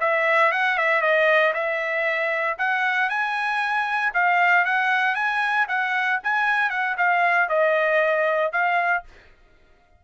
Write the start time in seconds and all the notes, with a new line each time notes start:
0.00 E5
0.52 F#5
0.78 E5
1.01 D#5
1.54 E5
2.58 F#5
3.09 G#5
4.14 F5
4.65 F#5
5.15 G#5
5.68 F#5
6.23 G#5
6.70 F#5
6.97 F5
7.49 D#5
8.52 F5